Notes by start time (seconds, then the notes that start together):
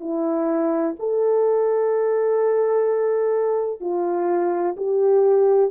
0.00 E4
0.99 A4
3.81 F4
4.77 G4